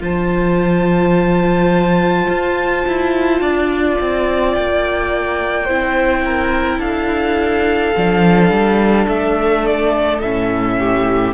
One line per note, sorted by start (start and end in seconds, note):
0.00 2.28 F3
0.00 5.66 F4
0.00 3.42 C5
0.00 4.54 A5
2.30 2.86 F4
2.87 3.41 E4
3.41 3.98 D4
3.41 5.64 D5
4.01 4.57 C4
4.54 5.70 A#3
4.54 6.80 G5
5.64 6.79 C4
5.64 7.95 E4
5.64 6.21 C5
6.25 6.79 A#4
6.79 7.92 D4
6.79 10.76 A4
6.79 9.07 F5
7.96 8.50 F3
7.96 10.23 D4
8.50 9.07 G3
9.08 10.21 A3
9.08 9.66 E5
9.66 10.21 D5
10.21 11.34 A2
10.21 11.34 C#4
10.21 11.34 E5
10.79 11.34 G4